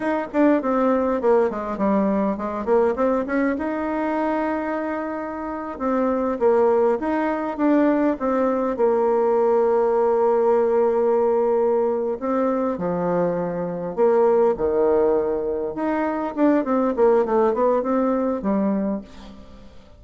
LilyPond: \new Staff \with { instrumentName = "bassoon" } { \time 4/4 \tempo 4 = 101 dis'8 d'8 c'4 ais8 gis8 g4 | gis8 ais8 c'8 cis'8 dis'2~ | dis'4.~ dis'16 c'4 ais4 dis'16~ | dis'8. d'4 c'4 ais4~ ais16~ |
ais1~ | ais8 c'4 f2 ais8~ | ais8 dis2 dis'4 d'8 | c'8 ais8 a8 b8 c'4 g4 | }